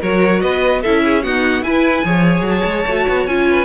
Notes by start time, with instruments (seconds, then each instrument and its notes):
0.00 cello F#3, viola F#4, violin A#4 C#5
0.41 cello B3, violin B4 D#5
0.81 cello C#4, viola E4, violin A4 E5
1.04 violin G#4
1.23 viola B3, cello D#4, violin F#4 F#5
1.62 cello E4, viola E4, violin B4 G#5
2.04 cello F3, viola G#4, violin C#5
2.41 cello F#3
2.48 violin A5
2.64 cello G#3
2.86 cello A3, viola F#4
3.08 cello B3
3.26 cello C#4, viola F4, violin G#5
3.50 violin B4